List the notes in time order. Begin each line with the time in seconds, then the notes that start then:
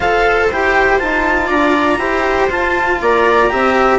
0.00 F4 A4 C5 F5
0.51 E4 G4 G5
0.99 D#4 F4 A5
1.46 D4 D5 A#5
1.97 E4 G4 C5
2.48 F4 A5
3.01 A#3 D5 A#5
3.49 C4 G4 E5